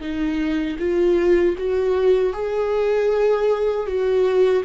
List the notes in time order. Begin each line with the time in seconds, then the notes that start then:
0.00 D#4
0.79 F4
1.58 F#4
2.33 G#4
3.86 F#4